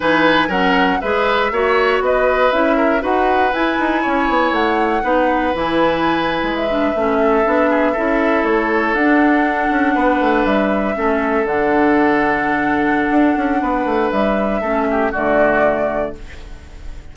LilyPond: <<
  \new Staff \with { instrumentName = "flute" } { \time 4/4 \tempo 4 = 119 gis''4 fis''4 e''2 | dis''4 e''4 fis''4 gis''4~ | gis''4 fis''2 gis''4~ | gis''4 e''2.~ |
e''8. cis''4 fis''2~ fis''16~ | fis''8. e''2 fis''4~ fis''16~ | fis''1 | e''2 d''2 | }
  \new Staff \with { instrumentName = "oboe" } { \time 4/4 b'4 ais'4 b'4 cis''4 | b'4. ais'8 b'2 | cis''2 b'2~ | b'2~ b'16 a'4 gis'8 a'16~ |
a'2.~ a'8. b'16~ | b'4.~ b'16 a'2~ a'16~ | a'2. b'4~ | b'4 a'8 g'8 fis'2 | }
  \new Staff \with { instrumentName = "clarinet" } { \time 4/4 dis'4 cis'4 gis'4 fis'4~ | fis'4 e'4 fis'4 e'4~ | e'2 dis'4 e'4~ | e'4~ e'16 d'8 cis'4 d'4 e'16~ |
e'4.~ e'16 d'2~ d'16~ | d'4.~ d'16 cis'4 d'4~ d'16~ | d'1~ | d'4 cis'4 a2 | }
  \new Staff \with { instrumentName = "bassoon" } { \time 4/4 e4 fis4 gis4 ais4 | b4 cis'4 dis'4 e'8 dis'8 | cis'8 b8 a4 b4 e4~ | e8. gis4 a4 b4 cis'16~ |
cis'8. a4 d'4. cis'8 b16~ | b16 a8 g4 a4 d4~ d16~ | d2 d'8 cis'8 b8 a8 | g4 a4 d2 | }
>>